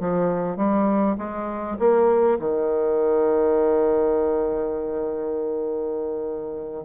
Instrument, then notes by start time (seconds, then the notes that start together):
bassoon
0.00 F3
0.57 G3
1.18 G#3
1.79 A#3
2.39 D#3